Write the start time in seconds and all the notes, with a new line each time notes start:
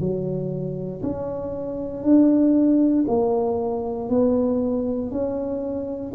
0.00 F#3
1.03 C#4
2.03 D4
3.08 A#3
4.10 B3
5.12 C#4